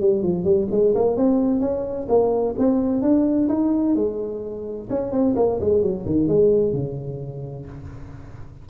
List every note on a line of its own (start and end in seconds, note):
0.00 0.22 G3
0.22 0.44 F3
0.44 0.67 G3
0.71 0.94 G#3
0.95 1.16 A#3
1.16 1.60 C4
1.60 2.07 C#4
2.08 2.55 A#3
2.58 3.01 C4
3.01 3.48 D4
3.48 3.95 D#4
3.95 4.88 G#3
4.89 5.12 C#4
5.12 5.35 C4
5.36 5.59 A#3
5.60 5.82 G#3
5.82 6.05 F#3
6.05 6.27 D#3
6.27 6.73 G#3
6.73 7.66 C#3